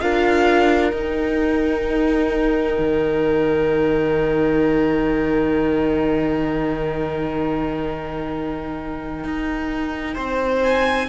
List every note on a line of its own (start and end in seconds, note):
0.00 0.92 D4
0.00 0.92 F4
0.00 10.14 A#4
0.00 0.92 F5
0.92 2.77 D#4
0.92 11.08 D#4
0.92 10.61 G5
2.78 9.24 D#3
9.24 10.16 D#4
10.14 11.08 C4
10.14 11.06 C5
10.63 11.08 G#5